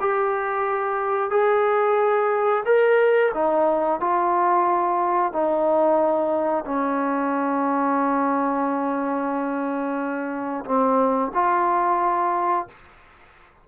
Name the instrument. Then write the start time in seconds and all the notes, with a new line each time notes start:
trombone
0.00 G4
1.30 G#4
2.65 A#4
3.34 D#4
4.00 F4
5.33 D#4
6.65 C#4
10.65 C4
11.34 F4